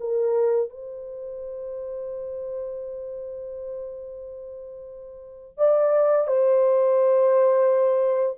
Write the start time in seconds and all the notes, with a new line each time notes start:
0.00 A#4
0.70 C5
5.58 D5
6.27 C5